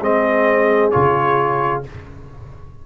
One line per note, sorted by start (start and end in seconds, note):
0.00 0.91 G#3
0.00 0.92 C4
0.00 1.85 G#4
0.00 0.91 D#5
0.91 1.86 C#3
0.91 1.83 F4
0.91 1.81 C#5